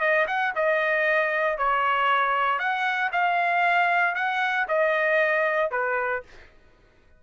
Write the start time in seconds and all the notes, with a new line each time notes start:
0.00 D#5
0.28 F#5
0.55 D#5
1.58 C#5
2.59 F#5
3.12 F5
4.15 F#5
4.68 D#5
5.71 B4